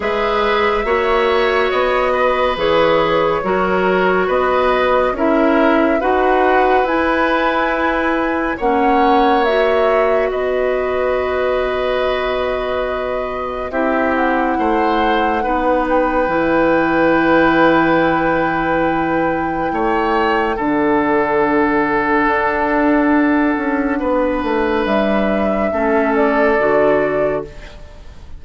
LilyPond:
<<
  \new Staff \with { instrumentName = "flute" } { \time 4/4 \tempo 4 = 70 e''2 dis''4 cis''4~ | cis''4 dis''4 e''4 fis''4 | gis''2 fis''4 e''4 | dis''1 |
e''8 fis''2 g''4.~ | g''1 | fis''1~ | fis''4 e''4. d''4. | }
  \new Staff \with { instrumentName = "oboe" } { \time 4/4 b'4 cis''4. b'4. | ais'4 b'4 ais'4 b'4~ | b'2 cis''2 | b'1 |
g'4 c''4 b'2~ | b'2. cis''4 | a'1 | b'2 a'2 | }
  \new Staff \with { instrumentName = "clarinet" } { \time 4/4 gis'4 fis'2 gis'4 | fis'2 e'4 fis'4 | e'2 cis'4 fis'4~ | fis'1 |
e'2 dis'4 e'4~ | e'1 | d'1~ | d'2 cis'4 fis'4 | }
  \new Staff \with { instrumentName = "bassoon" } { \time 4/4 gis4 ais4 b4 e4 | fis4 b4 cis'4 dis'4 | e'2 ais2 | b1 |
c'4 a4 b4 e4~ | e2. a4 | d2 d'4. cis'8 | b8 a8 g4 a4 d4 | }
>>